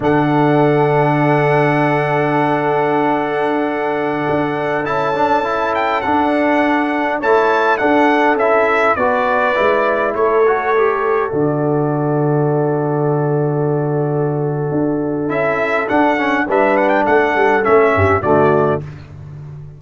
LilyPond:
<<
  \new Staff \with { instrumentName = "trumpet" } { \time 4/4 \tempo 4 = 102 fis''1~ | fis''1~ | fis''16 a''4. g''8 fis''4.~ fis''16~ | fis''16 a''4 fis''4 e''4 d''8.~ |
d''4~ d''16 cis''2 d''8.~ | d''1~ | d''2 e''4 fis''4 | e''8 fis''16 g''16 fis''4 e''4 d''4 | }
  \new Staff \with { instrumentName = "horn" } { \time 4/4 a'1~ | a'1~ | a'1~ | a'16 cis''4 a'2 b'8.~ |
b'4~ b'16 a'2~ a'8.~ | a'1~ | a'1 | b'4 a'4. g'8 fis'4 | }
  \new Staff \with { instrumentName = "trombone" } { \time 4/4 d'1~ | d'1~ | d'16 e'8 d'8 e'4 d'4.~ d'16~ | d'16 e'4 d'4 e'4 fis'8.~ |
fis'16 e'4. fis'8 g'4 fis'8.~ | fis'1~ | fis'2 e'4 d'8 cis'8 | d'2 cis'4 a4 | }
  \new Staff \with { instrumentName = "tuba" } { \time 4/4 d1~ | d2.~ d16 d'8.~ | d'16 cis'2 d'4.~ d'16~ | d'16 a4 d'4 cis'4 b8.~ |
b16 gis4 a2 d8.~ | d1~ | d4 d'4 cis'4 d'4 | g4 a8 g8 a8 g,8 d4 | }
>>